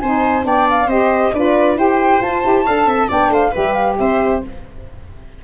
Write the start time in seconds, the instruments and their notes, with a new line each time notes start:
0.00 tuba C4, saxophone D#4, viola C5, flute G#5
0.42 tuba B3, saxophone D4, viola D5, flute G5
0.70 flute F5
0.86 tuba C4, saxophone G4, viola C5, flute D#5
1.33 tuba D4, saxophone F4, viola B4, flute D5
1.75 tuba E4, saxophone G4, viola C5, flute G5
2.21 tuba F4, saxophone F4, flute A5
2.43 tuba E4, saxophone G4
2.66 tuba D4, saxophone A4, viola F5
2.86 tuba C4, viola E5
3.08 tuba B3, saxophone D4, viola D5, flute G5
3.29 tuba A3, viola C5, flute F5
3.51 tuba G3, saxophone G4, viola B4, flute E5
3.73 flute F5
3.98 tuba C4, viola C5, flute E5